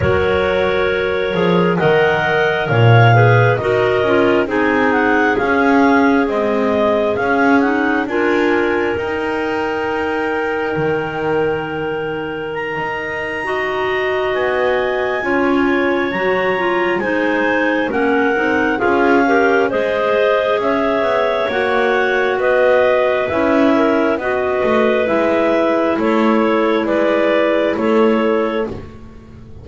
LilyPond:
<<
  \new Staff \with { instrumentName = "clarinet" } { \time 4/4 \tempo 4 = 67 cis''2 fis''4 f''4 | dis''4 gis''8 fis''8 f''4 dis''4 | f''8 fis''8 gis''4 g''2~ | g''2 ais''2 |
gis''2 ais''4 gis''4 | fis''4 f''4 dis''4 e''4 | fis''4 dis''4 e''4 dis''4 | e''4 cis''4 d''4 cis''4 | }
  \new Staff \with { instrumentName = "clarinet" } { \time 4/4 ais'2 dis''4 cis''8 b'8 | ais'4 gis'2.~ | gis'4 ais'2.~ | ais'2. dis''4~ |
dis''4 cis''2 c''4 | ais'4 gis'8 ais'8 c''4 cis''4~ | cis''4 b'4. ais'8 b'4~ | b'4 a'4 b'4 a'4 | }
  \new Staff \with { instrumentName = "clarinet" } { \time 4/4 fis'4. gis'8 ais'4. gis'8 | fis'8 f'8 dis'4 cis'4 gis4 | cis'8 dis'8 f'4 dis'2~ | dis'2. fis'4~ |
fis'4 f'4 fis'8 f'8 dis'4 | cis'8 dis'8 f'8 g'8 gis'2 | fis'2 e'4 fis'4 | e'1 | }
  \new Staff \with { instrumentName = "double bass" } { \time 4/4 fis4. f8 dis4 ais,4 | dis'8 cis'8 c'4 cis'4 c'4 | cis'4 d'4 dis'2 | dis2~ dis16 dis'4.~ dis'16 |
b4 cis'4 fis4 gis4 | ais8 c'8 cis'4 gis4 cis'8 b8 | ais4 b4 cis'4 b8 a8 | gis4 a4 gis4 a4 | }
>>